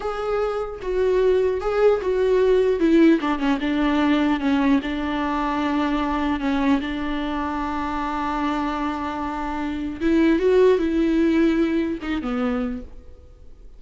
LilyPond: \new Staff \with { instrumentName = "viola" } { \time 4/4 \tempo 4 = 150 gis'2 fis'2 | gis'4 fis'2 e'4 | d'8 cis'8 d'2 cis'4 | d'1 |
cis'4 d'2.~ | d'1~ | d'4 e'4 fis'4 e'4~ | e'2 dis'8 b4. | }